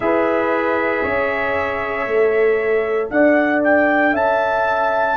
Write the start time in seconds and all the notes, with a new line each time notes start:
0.00 E4 G#4 B4 E5
1.03 C#4 C#5
2.06 A3 A4
3.10 D4 D5 F#5
3.63 G5
4.12 C#4 E5 A5